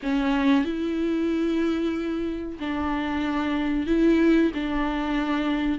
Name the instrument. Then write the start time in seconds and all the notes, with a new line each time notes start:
viola
0.02 C#4
0.65 E4
2.59 D4
3.87 E4
4.54 D4